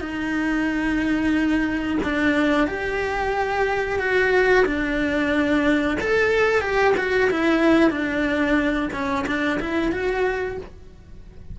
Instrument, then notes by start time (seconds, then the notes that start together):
cello
0.00 D#4
2.03 D4
2.67 G4
3.99 F#4
4.65 D4
6.00 A4
6.61 G4
6.97 F#4
7.30 E4
7.90 D4
8.92 C#4
9.26 D4
9.60 E4
9.91 F#4